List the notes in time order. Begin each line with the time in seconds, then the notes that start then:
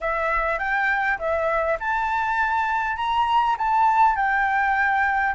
0.00 E5
0.58 G5
1.18 E5
1.79 A5
2.96 A#5
3.58 A5
4.16 G5